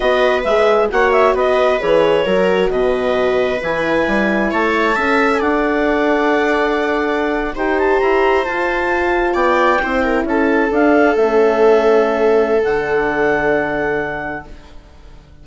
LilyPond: <<
  \new Staff \with { instrumentName = "clarinet" } { \time 4/4 \tempo 4 = 133 dis''4 e''4 fis''8 e''8 dis''4 | cis''2 dis''2 | gis''2 a''4.~ a''16 gis''16 | fis''1~ |
fis''8. g''8 a''8 ais''4 a''4~ a''16~ | a''8. g''2 a''4 f''16~ | f''8. e''2.~ e''16 | fis''1 | }
  \new Staff \with { instrumentName = "viola" } { \time 4/4 b'2 cis''4 b'4~ | b'4 ais'4 b'2~ | b'2 cis''4 e''4 | d''1~ |
d''8. c''2.~ c''16~ | c''8. d''4 c''8 ais'8 a'4~ a'16~ | a'1~ | a'1 | }
  \new Staff \with { instrumentName = "horn" } { \time 4/4 fis'4 gis'4 fis'2 | gis'4 fis'2. | e'2. a'4~ | a'1~ |
a'8. g'2 f'4~ f'16~ | f'4.~ f'16 e'2 d'16~ | d'8. cis'2.~ cis'16 | d'1 | }
  \new Staff \with { instrumentName = "bassoon" } { \time 4/4 b4 gis4 ais4 b4 | e4 fis4 b,2 | e4 g4 a4 cis'4 | d'1~ |
d'8. dis'4 e'4 f'4~ f'16~ | f'8. b4 c'4 cis'4 d'16~ | d'8. a2.~ a16 | d1 | }
>>